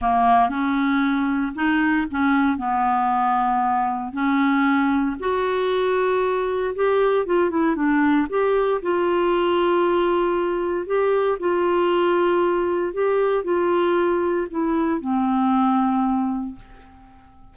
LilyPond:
\new Staff \with { instrumentName = "clarinet" } { \time 4/4 \tempo 4 = 116 ais4 cis'2 dis'4 | cis'4 b2. | cis'2 fis'2~ | fis'4 g'4 f'8 e'8 d'4 |
g'4 f'2.~ | f'4 g'4 f'2~ | f'4 g'4 f'2 | e'4 c'2. | }